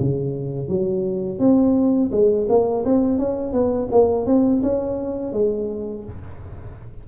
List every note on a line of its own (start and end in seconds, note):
0.00 0.69 C#3
0.69 1.40 F#3
1.40 2.11 C4
2.12 2.48 G#3
2.49 2.85 A#3
2.85 3.19 C4
3.19 3.53 C#4
3.53 3.89 B3
3.92 4.27 A#3
4.27 4.62 C4
4.63 5.33 C#4
5.33 6.05 G#3